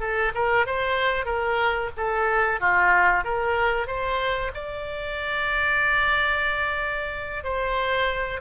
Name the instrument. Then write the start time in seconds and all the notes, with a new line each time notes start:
oboe
0.00 A4
0.34 A#4
0.66 C5
1.26 A#4
1.97 A4
2.60 F4
3.24 A#4
3.87 C5
4.54 D5
7.44 C5